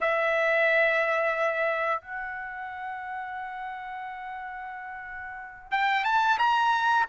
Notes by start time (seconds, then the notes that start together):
0.01 E5
2.01 F#5
5.71 G5
6.04 A5
6.38 A#5